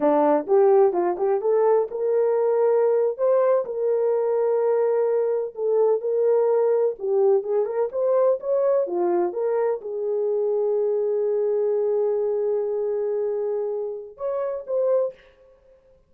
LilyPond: \new Staff \with { instrumentName = "horn" } { \time 4/4 \tempo 4 = 127 d'4 g'4 f'8 g'8 a'4 | ais'2~ ais'8. c''4 ais'16~ | ais'2.~ ais'8. a'16~ | a'8. ais'2 g'4 gis'16~ |
gis'16 ais'8 c''4 cis''4 f'4 ais'16~ | ais'8. gis'2.~ gis'16~ | gis'1~ | gis'2 cis''4 c''4 | }